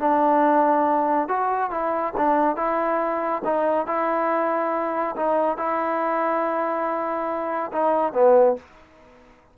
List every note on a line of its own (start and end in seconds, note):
0.00 1.29 D4
1.29 1.71 F#4
1.71 2.14 E4
2.18 2.57 D4
2.57 3.42 E4
3.45 3.87 D#4
3.87 5.16 E4
5.17 5.58 D#4
5.58 7.72 E4
7.73 8.14 D#4
8.14 8.57 B3